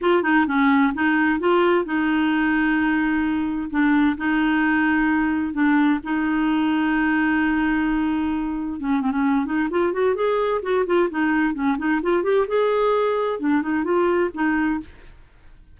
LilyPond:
\new Staff \with { instrumentName = "clarinet" } { \time 4/4 \tempo 4 = 130 f'8 dis'8 cis'4 dis'4 f'4 | dis'1 | d'4 dis'2. | d'4 dis'2.~ |
dis'2. cis'8 c'16 cis'16~ | cis'8 dis'8 f'8 fis'8 gis'4 fis'8 f'8 | dis'4 cis'8 dis'8 f'8 g'8 gis'4~ | gis'4 d'8 dis'8 f'4 dis'4 | }